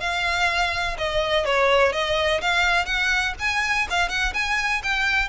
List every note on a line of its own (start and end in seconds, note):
0.00 0.97 F5
0.98 1.45 D#5
1.45 1.92 C#5
1.92 2.41 D#5
2.41 2.85 F5
2.85 3.34 F#5
3.39 3.88 G#5
3.90 4.09 F5
4.09 4.33 F#5
4.34 4.82 G#5
4.83 5.29 G5